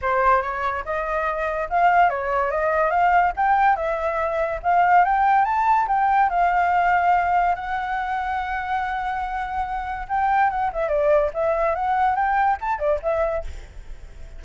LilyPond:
\new Staff \with { instrumentName = "flute" } { \time 4/4 \tempo 4 = 143 c''4 cis''4 dis''2 | f''4 cis''4 dis''4 f''4 | g''4 e''2 f''4 | g''4 a''4 g''4 f''4~ |
f''2 fis''2~ | fis''1 | g''4 fis''8 e''8 d''4 e''4 | fis''4 g''4 a''8 d''8 e''4 | }